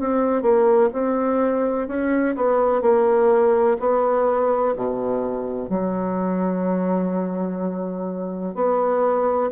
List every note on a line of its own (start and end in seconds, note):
0.00 0.42 C4
0.42 0.90 A#3
0.93 1.88 C4
1.88 2.36 C#4
2.36 2.82 B3
2.82 3.77 A#3
3.80 4.75 B3
4.76 5.69 B2
5.69 8.55 F#3
8.55 9.51 B3